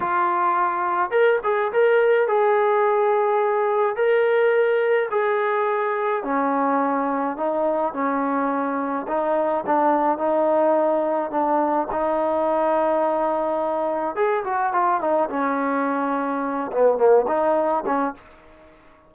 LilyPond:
\new Staff \with { instrumentName = "trombone" } { \time 4/4 \tempo 4 = 106 f'2 ais'8 gis'8 ais'4 | gis'2. ais'4~ | ais'4 gis'2 cis'4~ | cis'4 dis'4 cis'2 |
dis'4 d'4 dis'2 | d'4 dis'2.~ | dis'4 gis'8 fis'8 f'8 dis'8 cis'4~ | cis'4. b8 ais8 dis'4 cis'8 | }